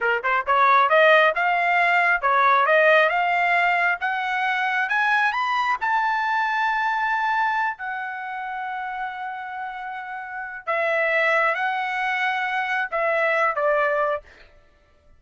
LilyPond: \new Staff \with { instrumentName = "trumpet" } { \time 4/4 \tempo 4 = 135 ais'8 c''8 cis''4 dis''4 f''4~ | f''4 cis''4 dis''4 f''4~ | f''4 fis''2 gis''4 | b''4 a''2.~ |
a''4. fis''2~ fis''8~ | fis''1 | e''2 fis''2~ | fis''4 e''4. d''4. | }